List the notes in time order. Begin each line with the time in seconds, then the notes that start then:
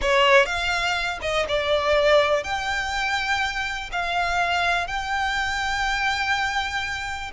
0.01 C#5
0.45 F5
1.21 D#5
1.48 D5
2.43 G5
3.92 F5
4.87 G5